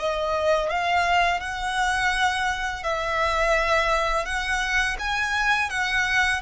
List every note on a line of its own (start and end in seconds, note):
0.00 0.70 D#5
0.70 1.41 F5
1.41 2.84 F#5
2.84 4.26 E5
4.26 4.97 F#5
5.00 5.70 G#5
5.70 6.42 F#5